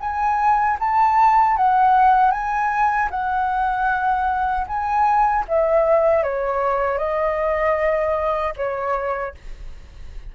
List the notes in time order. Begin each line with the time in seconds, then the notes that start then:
0.00 G#5
0.80 A5
1.57 F#5
2.31 G#5
3.11 F#5
4.67 G#5
5.48 E5
6.23 C#5
6.98 D#5
8.56 C#5